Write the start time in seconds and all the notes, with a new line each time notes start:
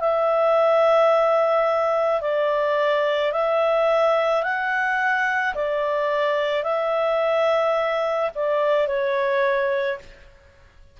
0.00 E5
2.21 D5
3.32 E5
4.43 F#5
5.55 D5
6.64 E5
8.35 D5
8.87 C#5